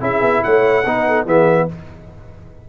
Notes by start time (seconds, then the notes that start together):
0.00 C#4 E4 G#4 E5
0.21 B3
0.43 A3 C#5 F#5
0.85 B3 D#4 B4
1.07 A4
1.25 E3 B3 G#4 E5